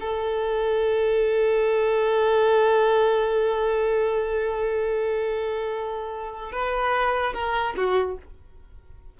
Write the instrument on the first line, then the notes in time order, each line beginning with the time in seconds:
violin
0.00 A4
6.52 B4
7.34 A#4
7.76 F#4